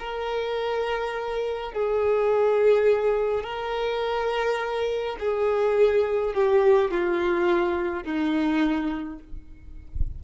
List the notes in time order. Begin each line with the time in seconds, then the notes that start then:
0.00 A#4
1.73 G#4
3.44 A#4
5.20 G#4
6.35 G4
6.91 F4
8.04 D#4